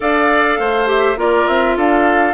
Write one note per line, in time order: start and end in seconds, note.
0.00 0.59 D4
0.00 0.86 A4
0.00 0.59 D5
0.00 0.89 F5
0.59 1.16 A3
0.59 1.18 C5
0.86 1.15 G4
0.86 1.18 E5
1.16 1.45 A#3
1.16 2.34 F4
1.16 1.76 A#4
1.16 1.47 D5
1.47 1.76 C4
1.47 1.76 E5
1.76 2.34 D4
1.76 2.34 A4
1.76 2.34 F5